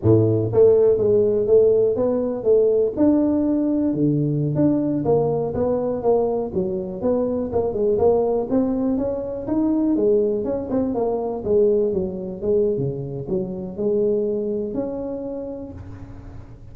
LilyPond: \new Staff \with { instrumentName = "tuba" } { \time 4/4 \tempo 4 = 122 a,4 a4 gis4 a4 | b4 a4 d'2 | d4~ d16 d'4 ais4 b8.~ | b16 ais4 fis4 b4 ais8 gis16~ |
gis16 ais4 c'4 cis'4 dis'8.~ | dis'16 gis4 cis'8 c'8 ais4 gis8.~ | gis16 fis4 gis8. cis4 fis4 | gis2 cis'2 | }